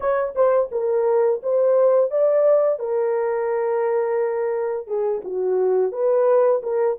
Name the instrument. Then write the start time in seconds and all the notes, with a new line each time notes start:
horn
0.00 C#5
0.35 C5
0.71 A#4
1.42 C5
2.11 D5
2.79 A#4
4.87 G#4
5.24 F#4
5.91 B4
6.62 A#4